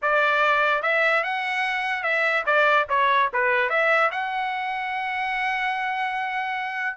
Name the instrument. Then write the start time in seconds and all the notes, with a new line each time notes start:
trumpet
0.02 D5
0.82 E5
1.23 F#5
2.03 E5
2.45 D5
2.89 C#5
3.33 B4
3.69 E5
4.11 F#5